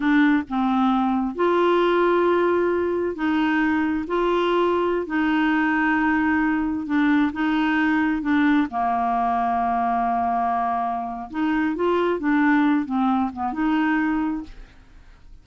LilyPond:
\new Staff \with { instrumentName = "clarinet" } { \time 4/4 \tempo 4 = 133 d'4 c'2 f'4~ | f'2. dis'4~ | dis'4 f'2~ f'16 dis'8.~ | dis'2.~ dis'16 d'8.~ |
d'16 dis'2 d'4 ais8.~ | ais1~ | ais4 dis'4 f'4 d'4~ | d'8 c'4 b8 dis'2 | }